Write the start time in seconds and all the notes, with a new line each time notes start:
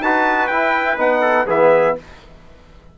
0.00 D#4 F#4 B4 A5
0.47 E4 G5
0.97 B3 D#4 F#5
1.21 A4
1.47 E3 B3 G#4 E5